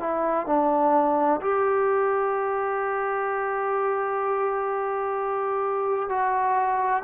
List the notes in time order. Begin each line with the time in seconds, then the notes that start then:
0.00 E4
0.46 D4
1.41 G4
6.09 F#4